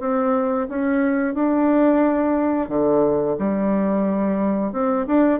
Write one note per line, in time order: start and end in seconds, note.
0.00 0.67 C4
0.69 1.34 C#4
1.34 2.69 D4
2.69 3.36 D3
3.38 4.72 G3
4.72 5.06 C4
5.07 5.39 D4